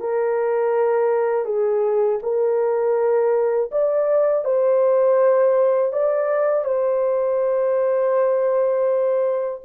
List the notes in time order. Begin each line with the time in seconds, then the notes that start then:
0.00 A#4
1.45 G#4
2.22 A#4
3.71 D5
4.44 C5
5.93 D5
6.65 C5